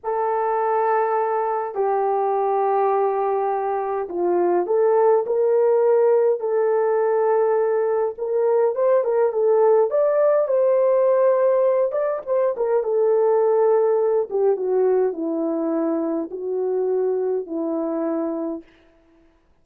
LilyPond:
\new Staff \with { instrumentName = "horn" } { \time 4/4 \tempo 4 = 103 a'2. g'4~ | g'2. f'4 | a'4 ais'2 a'4~ | a'2 ais'4 c''8 ais'8 |
a'4 d''4 c''2~ | c''8 d''8 c''8 ais'8 a'2~ | a'8 g'8 fis'4 e'2 | fis'2 e'2 | }